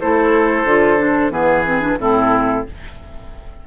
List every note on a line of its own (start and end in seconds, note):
0.00 0.64 A3
0.00 0.66 E4
0.00 1.32 A4
0.00 1.32 C5
0.64 1.30 D3
0.64 0.98 F4
0.98 1.30 D4
1.30 1.96 E3
1.30 1.64 B3
1.30 1.98 G#4
1.30 1.98 B4
1.65 1.80 C4
1.80 1.97 D4
1.98 2.64 A2
1.98 2.65 C4
1.98 2.67 E4
1.98 2.66 A4